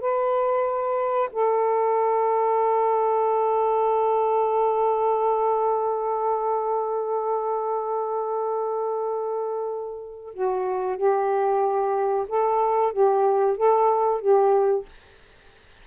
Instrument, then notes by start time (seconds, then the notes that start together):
saxophone
0.00 B4
1.32 A4
10.33 F#4
10.97 G4
12.28 A4
12.92 G4
13.57 A4
14.21 G4